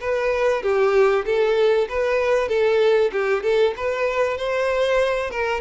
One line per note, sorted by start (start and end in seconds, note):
0.00 0.62 B4
0.62 1.25 G4
1.25 1.88 A4
1.89 2.48 B4
2.48 3.11 A4
3.12 3.43 G4
3.43 3.74 A4
3.76 4.37 B4
4.37 5.30 C5
5.30 5.61 A#4